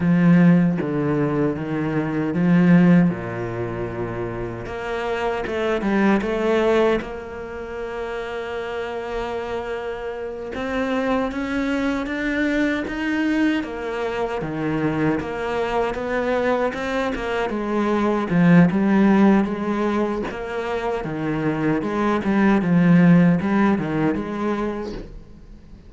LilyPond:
\new Staff \with { instrumentName = "cello" } { \time 4/4 \tempo 4 = 77 f4 d4 dis4 f4 | ais,2 ais4 a8 g8 | a4 ais2.~ | ais4. c'4 cis'4 d'8~ |
d'8 dis'4 ais4 dis4 ais8~ | ais8 b4 c'8 ais8 gis4 f8 | g4 gis4 ais4 dis4 | gis8 g8 f4 g8 dis8 gis4 | }